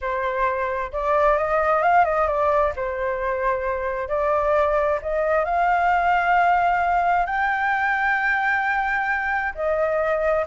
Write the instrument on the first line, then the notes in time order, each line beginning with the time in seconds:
flute
0.01 C5
0.92 D5
1.37 D#5
1.82 F5
2.05 D#5
2.27 D5
2.76 C5
4.08 D5
5.02 D#5
5.44 F5
7.25 G5
9.55 D#5